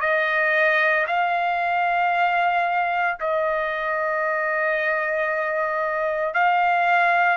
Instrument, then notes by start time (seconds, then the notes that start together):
trumpet
0.00 D#5
1.07 F5
3.20 D#5
6.33 F5